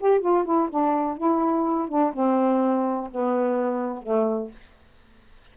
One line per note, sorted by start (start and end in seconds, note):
0.00 0.21 G4
0.21 0.45 F4
0.45 0.69 E4
0.70 1.18 D4
1.18 1.89 E4
1.89 2.13 D4
2.14 3.10 C4
3.12 4.03 B3
4.03 4.51 A3